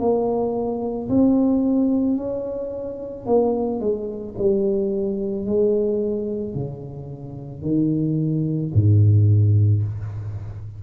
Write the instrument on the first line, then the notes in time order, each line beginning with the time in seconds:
tuba
0.00 A#3
1.09 C4
2.17 C#4
3.27 A#3
3.81 G#3
4.38 G3
5.46 G#3
6.55 C#3
7.63 D#3
8.74 G#2